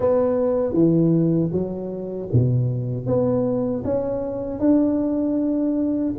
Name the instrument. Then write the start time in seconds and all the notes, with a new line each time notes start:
tuba
0.00 B3
0.73 E3
1.52 F#3
2.33 B2
3.06 B3
3.84 C#4
4.59 D4